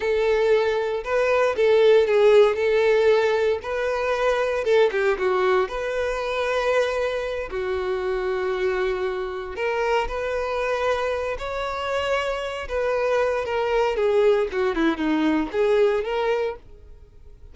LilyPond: \new Staff \with { instrumentName = "violin" } { \time 4/4 \tempo 4 = 116 a'2 b'4 a'4 | gis'4 a'2 b'4~ | b'4 a'8 g'8 fis'4 b'4~ | b'2~ b'8 fis'4.~ |
fis'2~ fis'8 ais'4 b'8~ | b'2 cis''2~ | cis''8 b'4. ais'4 gis'4 | fis'8 e'8 dis'4 gis'4 ais'4 | }